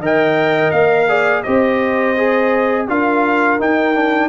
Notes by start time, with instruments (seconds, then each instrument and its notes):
0.00 tuba D#3, trombone A#4, horn D#5, trumpet G5
0.71 tuba A#3, trumpet F5
1.08 trombone G#4, horn D5
1.43 tuba C4, trombone G4, horn C5, trumpet D#5
2.17 trombone G#4
2.88 tuba D4, trombone F4, horn A#4, trumpet F5
3.59 trombone D#4, tuba D#4, trumpet G5
3.95 trombone D4